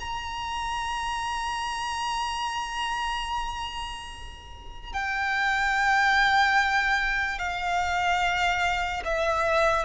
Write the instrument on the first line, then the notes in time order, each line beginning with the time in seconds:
violin
0.00 A#5
4.94 G5
7.39 F5
9.05 E5